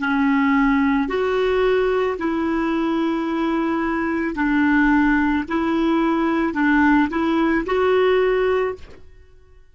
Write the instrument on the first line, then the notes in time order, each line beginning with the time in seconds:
clarinet
0.00 C#4
1.09 F#4
2.19 E4
4.36 D4
5.49 E4
6.54 D4
7.11 E4
7.66 F#4